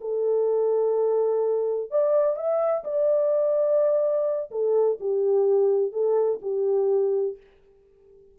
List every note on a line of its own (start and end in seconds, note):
0.00 1.90 A4
1.90 2.35 D5
2.35 2.83 E5
2.84 4.50 D5
4.50 4.98 A4
5.00 5.92 G4
5.92 6.40 A4
6.42 7.37 G4